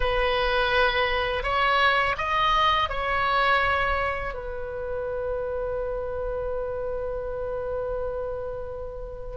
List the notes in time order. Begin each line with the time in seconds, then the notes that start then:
0.00 B4
1.43 C#5
2.17 D#5
2.89 C#5
4.34 B4